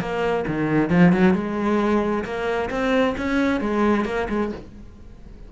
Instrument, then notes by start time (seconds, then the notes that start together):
cello
0.00 A#3
0.47 D#3
0.90 F3
1.12 F#3
1.34 G#3
2.25 A#3
2.70 C4
3.17 C#4
3.60 G#3
4.05 A#3
4.29 G#3